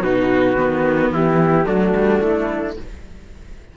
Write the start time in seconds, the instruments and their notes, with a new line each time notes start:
0.00 cello B2, viola D#4, trumpet F#4, flute B4
0.56 cello D#3, viola B3
1.11 cello E3, trumpet E4, flute G4
1.65 cello F#3, viola A3, trumpet D4, flute F#4
1.96 cello G3
2.21 cello A3, flute E4